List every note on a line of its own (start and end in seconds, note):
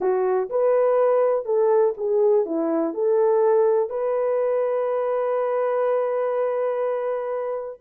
0.00 0.49 F#4
0.49 1.45 B4
1.45 1.94 A4
1.97 2.45 G#4
2.45 2.94 E4
2.94 3.89 A4
3.89 7.79 B4